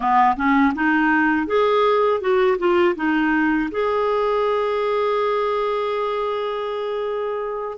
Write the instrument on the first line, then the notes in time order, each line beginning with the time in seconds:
clarinet
0.00 B3
0.36 C#4
0.74 D#4
1.46 G#4
2.20 F#4
2.58 F4
2.95 D#4
3.71 G#4